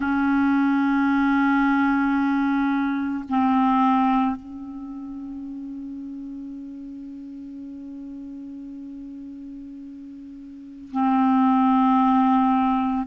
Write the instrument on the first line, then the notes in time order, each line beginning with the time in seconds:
clarinet
0.00 C#4
3.29 C4
4.36 C#4
10.91 C4